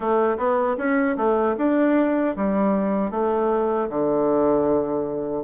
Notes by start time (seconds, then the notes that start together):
0.00 A3
0.37 B3
0.77 C#4
1.16 A3
1.57 D4
2.36 G3
3.11 A3
3.89 D3